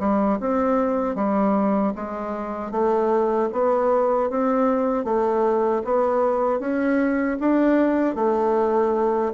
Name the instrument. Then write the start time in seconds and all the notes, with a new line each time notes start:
bassoon
0.00 G3
0.40 C4
1.15 G3
1.96 G#3
2.71 A3
3.53 B3
4.30 C4
5.05 A3
5.85 B3
6.60 C#4
7.40 D4
8.16 A3